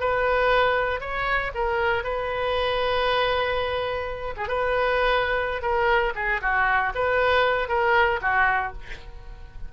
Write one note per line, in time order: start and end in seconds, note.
0.00 1.00 B4
1.00 1.52 C#5
1.54 2.03 A#4
2.03 4.34 B4
4.37 4.48 G#4
4.48 5.62 B4
5.62 6.13 A#4
6.15 6.41 G#4
6.41 6.93 F#4
6.94 7.69 B4
7.69 8.20 A#4
8.21 8.73 F#4